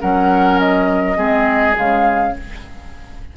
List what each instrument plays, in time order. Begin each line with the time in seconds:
0.00 bassoon F#3, clarinet C#4, oboe A#4, flute F#5
0.59 flute D#5
1.16 bassoon G#3, clarinet C4, oboe G#4
1.73 bassoon C#3, clarinet G#3, flute F5